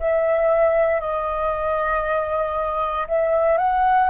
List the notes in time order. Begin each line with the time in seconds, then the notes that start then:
0.00 E5
1.01 D#5
3.08 E5
3.58 F#5